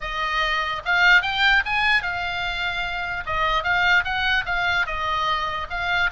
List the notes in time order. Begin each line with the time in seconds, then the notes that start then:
0.00 D#5
0.85 F5
1.22 G5
1.65 G#5
2.02 F5
3.25 D#5
3.63 F5
4.04 F#5
4.45 F5
4.86 D#5
5.70 F5